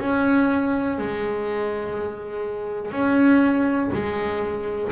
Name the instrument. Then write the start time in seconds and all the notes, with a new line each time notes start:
double bass
0.00 C#4
0.98 G#3
2.92 C#4
3.93 G#3